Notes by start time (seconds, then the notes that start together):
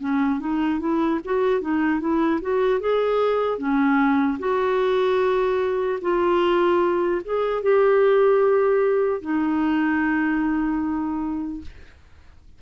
0.00 C#4
0.40 D#4
0.80 E4
1.25 F#4
1.61 D#4
2.00 E4
2.41 F#4
2.80 G#4
3.59 C#4
4.39 F#4
6.01 F4
7.24 G#4
7.63 G4
9.21 D#4